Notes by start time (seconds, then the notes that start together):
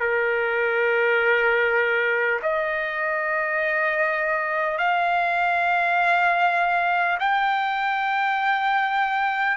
0.00 A#4
2.43 D#5
4.78 F5
7.20 G5